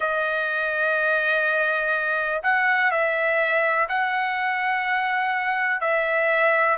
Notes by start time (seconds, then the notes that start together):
0.00 D#5
2.42 F#5
2.91 E5
3.88 F#5
5.80 E5